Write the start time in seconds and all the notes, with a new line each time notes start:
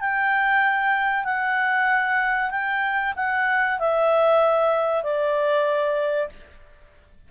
0.00 G5
1.24 F#5
2.50 G5
3.16 F#5
3.79 E5
5.03 D5